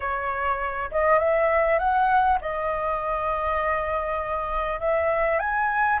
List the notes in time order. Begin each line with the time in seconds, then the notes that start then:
0.00 C#5
0.91 D#5
1.18 E5
1.78 F#5
2.41 D#5
4.79 E5
5.39 G#5